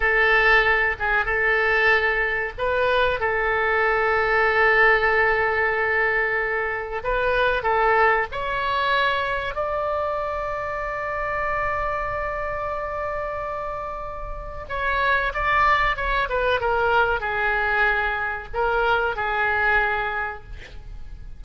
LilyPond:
\new Staff \with { instrumentName = "oboe" } { \time 4/4 \tempo 4 = 94 a'4. gis'8 a'2 | b'4 a'2.~ | a'2. b'4 | a'4 cis''2 d''4~ |
d''1~ | d''2. cis''4 | d''4 cis''8 b'8 ais'4 gis'4~ | gis'4 ais'4 gis'2 | }